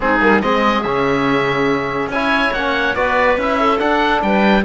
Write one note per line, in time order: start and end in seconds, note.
0.00 0.21 G#3
0.00 0.19 C4
0.00 0.43 D#4
0.00 0.41 G#4
0.20 0.42 G3
0.20 0.41 A#3
0.41 0.84 G#3
0.41 0.83 C4
0.41 2.12 G#4
0.41 0.82 D#5
0.82 2.07 C#3
0.82 2.11 C#4
0.82 2.09 E5
2.07 2.50 C#4
2.07 2.96 C#5
2.07 2.53 G#5
2.14 2.56 E4
2.53 2.95 A#3
2.53 2.96 C#4
2.53 2.95 F#5
2.95 3.37 B3
2.95 3.38 F#4
2.95 3.60 B4
2.95 3.37 D5
3.37 3.79 C#4
3.37 3.78 E4
3.37 3.79 E5
3.60 4.23 A4
3.78 4.63 D4
3.78 4.22 D4
3.78 4.21 F#5
4.22 4.64 G3
4.22 4.64 B4
4.22 4.64 G5